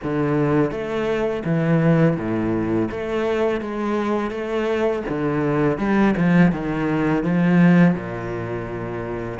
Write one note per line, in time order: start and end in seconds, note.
0.03 0.71 D3
0.71 1.43 A3
1.45 2.17 E3
2.17 2.89 A2
2.90 3.60 A3
3.60 4.30 G#3
4.30 5.02 A3
5.08 5.78 D3
5.78 6.14 G3
6.16 6.52 F3
6.52 7.23 D#3
7.23 7.94 F3
7.94 9.39 A#2